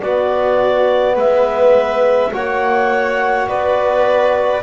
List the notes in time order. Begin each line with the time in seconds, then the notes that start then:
0.00 B3 F#4 D5
1.15 G#3 B4 E5
2.32 A#3 F#4 C#5 F#5
3.48 B3 B4 D5